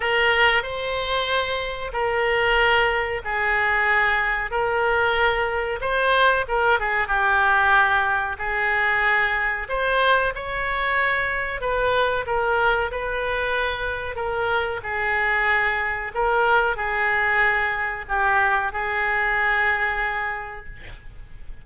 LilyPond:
\new Staff \with { instrumentName = "oboe" } { \time 4/4 \tempo 4 = 93 ais'4 c''2 ais'4~ | ais'4 gis'2 ais'4~ | ais'4 c''4 ais'8 gis'8 g'4~ | g'4 gis'2 c''4 |
cis''2 b'4 ais'4 | b'2 ais'4 gis'4~ | gis'4 ais'4 gis'2 | g'4 gis'2. | }